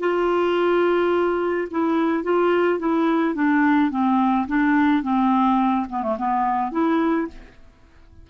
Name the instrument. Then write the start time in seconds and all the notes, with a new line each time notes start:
clarinet
0.00 F4
1.71 E4
2.24 F4
2.79 E4
3.35 D4
3.91 C4
4.48 D4
5.03 C4
5.89 B3
6.03 A3
6.18 B3
6.72 E4